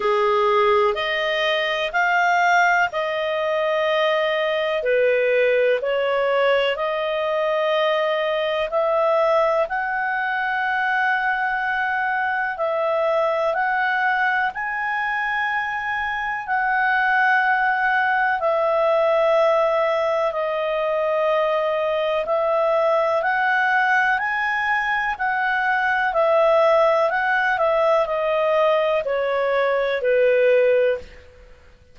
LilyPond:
\new Staff \with { instrumentName = "clarinet" } { \time 4/4 \tempo 4 = 62 gis'4 dis''4 f''4 dis''4~ | dis''4 b'4 cis''4 dis''4~ | dis''4 e''4 fis''2~ | fis''4 e''4 fis''4 gis''4~ |
gis''4 fis''2 e''4~ | e''4 dis''2 e''4 | fis''4 gis''4 fis''4 e''4 | fis''8 e''8 dis''4 cis''4 b'4 | }